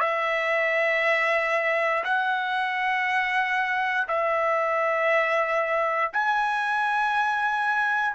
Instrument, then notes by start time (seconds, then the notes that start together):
trumpet
0.00 E5
2.04 F#5
4.08 E5
6.12 G#5